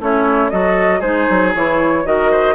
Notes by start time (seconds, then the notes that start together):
0.00 A3 C#4 E4 C#5
0.50 F#3 F#4 A4 D#5
1.00 G#3 D#4 G#4 C5
1.30 F#3
1.55 E3 E4 C#5
2.05 D#3 F#4 A#4 D#5
2.31 C5